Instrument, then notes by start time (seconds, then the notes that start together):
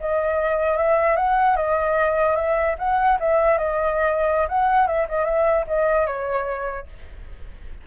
flute
0.00 D#5
0.77 E5
1.16 F#5
1.56 D#5
2.36 E5
2.78 F#5
3.20 E5
3.58 D#5
4.48 F#5
4.87 E5
5.08 D#5
5.25 E5
5.67 D#5
6.06 C#5